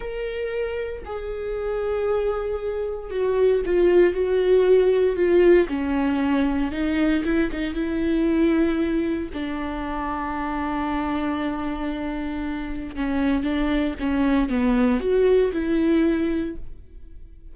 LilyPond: \new Staff \with { instrumentName = "viola" } { \time 4/4 \tempo 4 = 116 ais'2 gis'2~ | gis'2 fis'4 f'4 | fis'2 f'4 cis'4~ | cis'4 dis'4 e'8 dis'8 e'4~ |
e'2 d'2~ | d'1~ | d'4 cis'4 d'4 cis'4 | b4 fis'4 e'2 | }